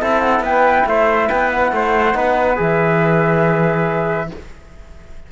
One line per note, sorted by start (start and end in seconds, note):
0.00 0.40 C4
0.00 2.13 E4
0.00 0.43 A4
0.00 0.20 E5
0.20 0.41 F#5
0.40 0.83 B3
0.40 0.86 B4
0.40 0.87 G5
0.86 1.29 A3
0.86 1.27 C5
0.86 1.29 E5
1.27 1.72 B3
1.27 1.70 B4
1.27 1.50 G5
1.51 2.58 F#5
1.72 2.14 A3
1.72 2.17 C5
2.13 2.57 B3
2.13 2.56 D#4
2.13 4.31 B4
2.56 4.30 E3
2.56 4.27 G#4
2.56 4.31 E5